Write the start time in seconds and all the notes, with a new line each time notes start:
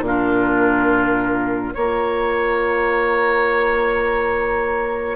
0.00 A#2 D4
0.06 F4 A#4
1.74 A#3 F4 C#5 A#5